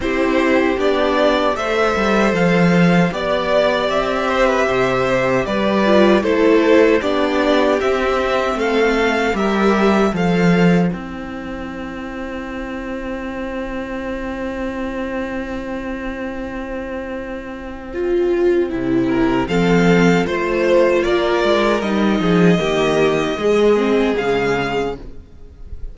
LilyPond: <<
  \new Staff \with { instrumentName = "violin" } { \time 4/4 \tempo 4 = 77 c''4 d''4 e''4 f''4 | d''4 e''2 d''4 | c''4 d''4 e''4 f''4 | e''4 f''4 g''2~ |
g''1~ | g''1~ | g''4 f''4 c''4 d''4 | dis''2. f''4 | }
  \new Staff \with { instrumentName = "violin" } { \time 4/4 g'2 c''2 | d''4. c''16 b'16 c''4 b'4 | a'4 g'2 a'4 | ais'4 c''2.~ |
c''1~ | c''1~ | c''8 ais'8 a'4 c''4 ais'4~ | ais'8 gis'8 g'4 gis'2 | }
  \new Staff \with { instrumentName = "viola" } { \time 4/4 e'4 d'4 a'2 | g'2.~ g'8 f'8 | e'4 d'4 c'2 | g'4 a'4 e'2~ |
e'1~ | e'2. f'4 | e'4 c'4 f'2 | dis'4 ais4 gis8 c'8 gis4 | }
  \new Staff \with { instrumentName = "cello" } { \time 4/4 c'4 b4 a8 g8 f4 | b4 c'4 c4 g4 | a4 b4 c'4 a4 | g4 f4 c'2~ |
c'1~ | c'1 | c4 f4 a4 ais8 gis8 | g8 f8 dis4 gis4 cis4 | }
>>